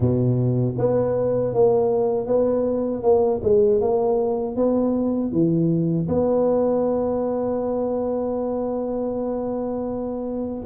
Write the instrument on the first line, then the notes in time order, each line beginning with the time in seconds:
tuba
0.00 B2
0.78 B3
1.54 A#3
2.26 B3
3.02 A#3
3.43 G#3
3.80 A#3
4.56 B3
5.32 E3
6.08 B3